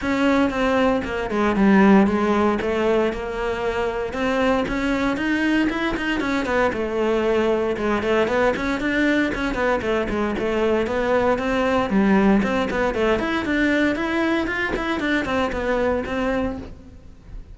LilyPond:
\new Staff \with { instrumentName = "cello" } { \time 4/4 \tempo 4 = 116 cis'4 c'4 ais8 gis8 g4 | gis4 a4 ais2 | c'4 cis'4 dis'4 e'8 dis'8 | cis'8 b8 a2 gis8 a8 |
b8 cis'8 d'4 cis'8 b8 a8 gis8 | a4 b4 c'4 g4 | c'8 b8 a8 e'8 d'4 e'4 | f'8 e'8 d'8 c'8 b4 c'4 | }